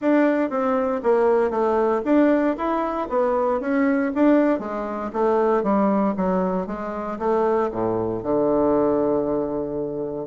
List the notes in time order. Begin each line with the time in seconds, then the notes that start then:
0.01 D4
0.49 C4
1.03 A#3
1.50 A3
2.05 D4
2.57 E4
3.09 B3
3.60 C#4
4.14 D4
4.59 G#3
5.12 A3
5.63 G3
6.16 F#3
6.67 G#3
7.18 A3
7.71 A2
8.23 D3